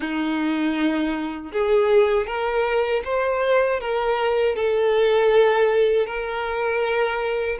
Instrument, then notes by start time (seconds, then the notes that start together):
violin
0.00 D#4
1.52 G#4
2.26 A#4
3.04 C5
3.80 A#4
4.55 A4
6.06 A#4